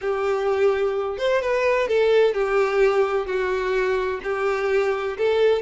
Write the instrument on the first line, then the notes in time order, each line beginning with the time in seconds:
violin
0.01 G4
1.18 C5
1.41 B4
1.87 A4
2.34 G4
3.26 F#4
4.23 G4
5.17 A4